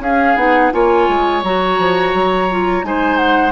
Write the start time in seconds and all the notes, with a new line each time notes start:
0.00 C#4 G#4 F5
0.36 B3 D#4 F#5
0.72 A#3 F4 C#5 G#5
1.09 G#3
1.43 F#3 F#4 A#5
1.79 F3
2.14 F#3
2.50 F4
2.83 G#3 D#4 C5 G#5
3.17 F#5